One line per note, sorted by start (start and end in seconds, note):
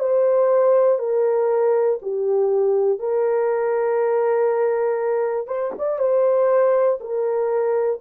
0.00 0.99 C5
0.99 1.99 A#4
2.02 3.00 G4
3.00 5.48 A#4
5.48 5.73 C5
5.78 6.00 D5
6.00 7.00 C5
7.01 8.01 A#4